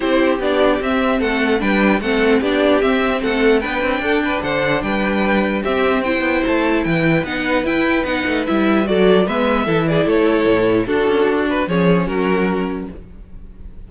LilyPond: <<
  \new Staff \with { instrumentName = "violin" } { \time 4/4 \tempo 4 = 149 c''4 d''4 e''4 fis''4 | g''4 fis''4 d''4 e''4 | fis''4 g''2 fis''4 | g''2 e''4 g''4 |
a''4 g''4 fis''4 g''4 | fis''4 e''4 d''4 e''4~ | e''8 d''8 cis''2 a'4~ | a'8 b'8 cis''4 ais'2 | }
  \new Staff \with { instrumentName = "violin" } { \time 4/4 g'2. a'4 | b'4 a'4 g'2 | a'4 b'4 a'8 b'8 c''4 | b'2 g'4 c''4~ |
c''4 b'2.~ | b'2 a'4 b'4 | a'8 gis'8 a'2 fis'4~ | fis'4 gis'4 fis'2 | }
  \new Staff \with { instrumentName = "viola" } { \time 4/4 e'4 d'4 c'2 | d'4 c'4 d'4 c'4~ | c'4 d'2.~ | d'2 c'4 e'4~ |
e'2 dis'4 e'4 | dis'4 e'4 fis'4 b4 | e'2. d'4~ | d'4 cis'2. | }
  \new Staff \with { instrumentName = "cello" } { \time 4/4 c'4 b4 c'4 a4 | g4 a4 b4 c'4 | a4 b8 c'8 d'4 d4 | g2 c'4. b8 |
a4 e4 b4 e'4 | b8 a8 g4 fis4 gis4 | e4 a4 a,4 d'8 cis'8 | d'4 f4 fis2 | }
>>